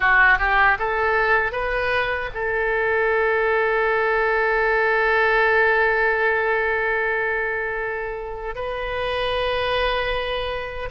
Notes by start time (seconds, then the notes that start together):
0.00 F#4
0.38 G4
0.78 A4
1.52 B4
2.33 A4
8.55 B4